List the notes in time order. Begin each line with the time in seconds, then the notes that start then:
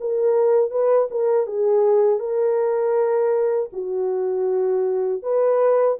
0.00 A#4
0.70 B4
1.10 A#4
1.46 G#4
2.19 A#4
3.72 F#4
5.22 B4